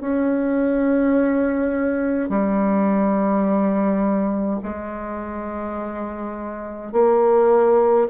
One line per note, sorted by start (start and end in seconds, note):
0.00 2.29 C#4
2.29 4.59 G3
4.63 6.92 G#3
6.92 8.07 A#3